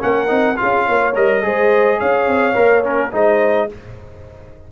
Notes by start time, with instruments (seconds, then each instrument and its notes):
0.00 tuba A#3, trombone C#4, horn A#4, trumpet F#5
0.27 tuba C4, trombone D#4
0.56 trombone F4, horn G#4, trumpet F5
0.62 tuba C#4
0.85 tuba A#3, horn C#5
1.15 tuba G3, trombone A#4, trumpet D#5
1.43 tuba G#3, trombone G#4, horn C5
1.99 tuba C#4, horn C#5, trumpet F5
2.27 tuba C4
2.54 tuba A#3, trombone A#4
2.83 trombone C#4, trumpet A#4
3.12 tuba G#3, trombone D#4, horn C5, trumpet D#5